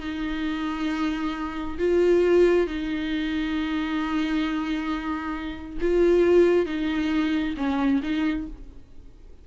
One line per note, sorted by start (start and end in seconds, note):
0.00 1.78 D#4
1.78 2.67 F4
2.67 5.78 D#4
5.81 6.66 F4
6.66 7.55 D#4
7.57 8.01 C#4
8.03 8.47 D#4